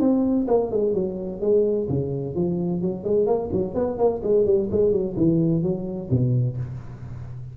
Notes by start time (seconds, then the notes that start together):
0.00 C4
0.48 A#3
0.71 G#3
0.94 F#3
1.41 G#3
1.89 C#3
2.35 F3
2.82 F#3
3.04 G#3
3.26 A#3
3.53 F#3
3.75 B3
3.98 A#3
4.23 G#3
4.46 G3
4.71 G#3
4.92 F#3
5.17 E3
5.63 F#3
6.10 B2